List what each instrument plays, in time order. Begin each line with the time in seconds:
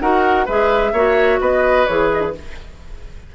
0.00 bassoon D#4, clarinet F#4, oboe A#4, flute F#5
0.45 bassoon G#3, clarinet G#4, oboe B4, flute E5
0.92 bassoon A#3, clarinet F#4, oboe C#5
1.40 bassoon B3, oboe B4, flute D#5
1.86 bassoon E3, clarinet G#4, flute C#5
2.13 flute D#5
2.21 flute D4